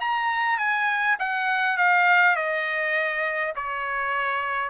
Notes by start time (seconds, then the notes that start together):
0.00 A#5
0.57 G#5
1.19 F#5
1.77 F5
2.36 D#5
3.55 C#5